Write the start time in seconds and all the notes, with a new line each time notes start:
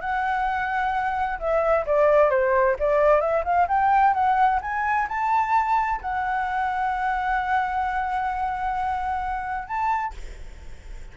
0.00 F#5
1.39 E5
1.86 D5
2.30 C5
2.79 D5
3.20 E5
3.44 F5
3.68 G5
4.13 F#5
4.61 G#5
5.08 A5
6.01 F#5
9.67 A5